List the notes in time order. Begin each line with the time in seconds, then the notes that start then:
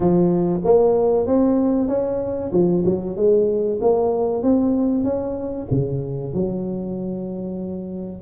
0.00 F3
0.64 A#3
1.26 C4
1.88 C#4
2.52 F3
2.85 F#3
3.16 G#3
3.81 A#3
4.42 C4
5.04 C#4
5.70 C#3
6.33 F#3